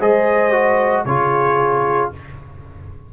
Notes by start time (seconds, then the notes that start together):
0.00 G#3 G#4 C5 D#5
0.52 F#4
1.05 C#3 F4 G#4 C#5